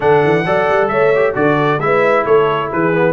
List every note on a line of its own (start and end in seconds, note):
0.00 0.24 D3
0.00 0.44 D4
0.00 0.45 A4
0.00 0.88 F#5
0.24 0.45 E3
0.45 0.68 F#3
0.45 1.13 A4
0.45 0.90 D5
0.69 0.89 G3
0.88 1.34 A3
0.88 1.36 C#5
0.88 1.33 E5
1.15 1.34 G4
1.34 1.78 D3
1.34 1.79 F#4
1.34 1.83 A4
1.34 1.80 D5
1.78 2.23 G#3
1.78 2.93 E4
1.78 2.25 E5
1.84 2.25 B4
2.25 2.71 A3
2.25 2.70 A4
2.25 2.70 C#5
2.71 3.13 E3
2.71 3.13 G#4
2.71 3.13 B4
2.93 3.13 B3